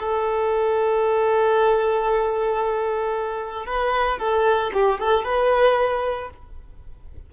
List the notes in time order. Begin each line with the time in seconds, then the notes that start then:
0.00 A4
3.66 B4
4.19 A4
4.74 G4
5.00 A4
5.25 B4